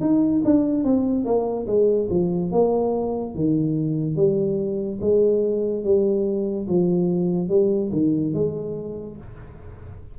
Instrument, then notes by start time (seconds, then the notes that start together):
tuba
0.00 D#4
0.44 D4
0.84 C4
1.24 A#3
1.67 G#3
2.09 F3
2.51 A#3
3.34 D#3
4.16 G3
5.00 G#3
5.83 G3
6.67 F3
7.48 G3
7.92 D#3
8.33 G#3